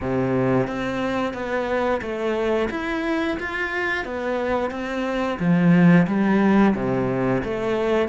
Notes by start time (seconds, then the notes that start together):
0.00 C3
0.67 C4
1.33 B3
2.01 A3
2.70 E4
3.39 F4
4.04 B3
4.70 C4
5.39 F3
6.07 G3
6.74 C3
7.44 A3